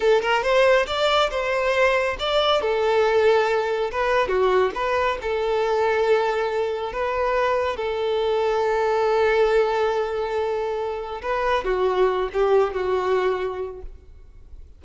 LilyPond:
\new Staff \with { instrumentName = "violin" } { \time 4/4 \tempo 4 = 139 a'8 ais'8 c''4 d''4 c''4~ | c''4 d''4 a'2~ | a'4 b'4 fis'4 b'4 | a'1 |
b'2 a'2~ | a'1~ | a'2 b'4 fis'4~ | fis'8 g'4 fis'2~ fis'8 | }